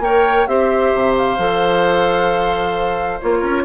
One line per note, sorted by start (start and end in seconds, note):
0.00 0.45 A#3
0.00 0.48 A#4
0.00 0.49 C#5
0.00 0.47 G5
0.47 0.93 C4
0.47 1.39 G4
0.47 3.39 C5
0.47 1.15 E5
0.94 1.38 C3
1.18 3.21 F5
1.38 3.20 F3
1.38 3.21 A4
3.21 3.42 A#3
3.21 3.65 F4
3.21 3.65 C#5
3.39 3.65 C#4
3.39 3.62 A#4